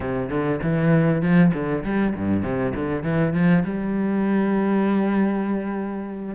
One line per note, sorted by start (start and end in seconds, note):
0.00 0.29 C3
0.29 0.60 D3
0.63 1.21 E3
1.21 1.52 F3
1.53 1.83 D3
1.83 2.14 G3
2.16 2.42 G2
2.42 2.73 C3
2.75 3.03 D3
3.03 3.33 E3
3.33 3.63 F3
3.63 6.35 G3